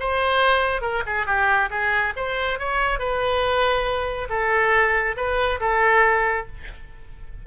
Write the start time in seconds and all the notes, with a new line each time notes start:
0.00 C5
0.82 A#4
1.07 G#4
1.27 G4
1.71 G#4
2.17 C5
2.60 C#5
2.99 B4
4.30 A4
5.17 B4
5.61 A4